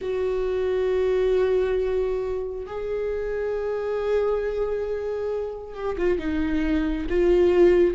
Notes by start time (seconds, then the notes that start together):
0.01 F#4
2.66 G#4
5.74 G4
5.98 F4
6.18 D#4
7.09 F4